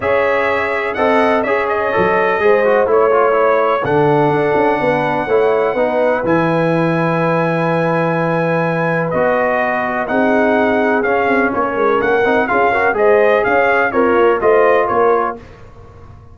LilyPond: <<
  \new Staff \with { instrumentName = "trumpet" } { \time 4/4 \tempo 4 = 125 e''2 fis''4 e''8 dis''8~ | dis''2 cis''2 | fis''1~ | fis''4 gis''2.~ |
gis''2. dis''4~ | dis''4 fis''2 f''4 | cis''4 fis''4 f''4 dis''4 | f''4 cis''4 dis''4 cis''4 | }
  \new Staff \with { instrumentName = "horn" } { \time 4/4 cis''2 dis''4 cis''4~ | cis''4 c''4 cis''2 | a'2 b'4 cis''4 | b'1~ |
b'1~ | b'4 gis'2. | ais'2 gis'8 ais'8 c''4 | cis''4 f'4 c''4 ais'4 | }
  \new Staff \with { instrumentName = "trombone" } { \time 4/4 gis'2 a'4 gis'4 | a'4 gis'8 fis'8 e'8 f'8 e'4 | d'2. e'4 | dis'4 e'2.~ |
e'2. fis'4~ | fis'4 dis'2 cis'4~ | cis'4. dis'8 f'8 fis'8 gis'4~ | gis'4 ais'4 f'2 | }
  \new Staff \with { instrumentName = "tuba" } { \time 4/4 cis'2 c'4 cis'4 | fis4 gis4 a2 | d4 d'8 cis'8 b4 a4 | b4 e2.~ |
e2. b4~ | b4 c'2 cis'8 c'8 | ais8 gis8 ais8 c'8 cis'4 gis4 | cis'4 c'8 ais8 a4 ais4 | }
>>